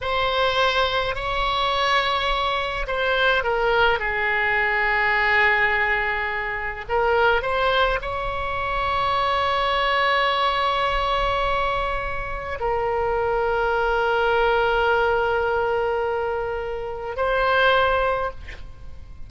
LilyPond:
\new Staff \with { instrumentName = "oboe" } { \time 4/4 \tempo 4 = 105 c''2 cis''2~ | cis''4 c''4 ais'4 gis'4~ | gis'1 | ais'4 c''4 cis''2~ |
cis''1~ | cis''2 ais'2~ | ais'1~ | ais'2 c''2 | }